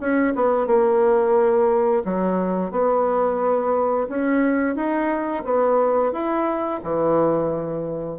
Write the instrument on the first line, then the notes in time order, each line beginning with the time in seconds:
bassoon
0.00 C#4
0.35 B3
0.67 A#3
2.05 F#3
2.71 B3
4.09 C#4
4.76 D#4
5.45 B3
6.13 E4
6.83 E3